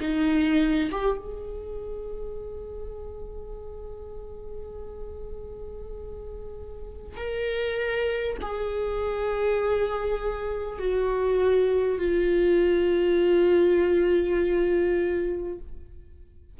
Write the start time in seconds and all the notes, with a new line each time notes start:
0.00 D#4
0.91 G4
1.18 G#4
7.17 A#4
8.42 G#4
10.78 F#4
11.98 F4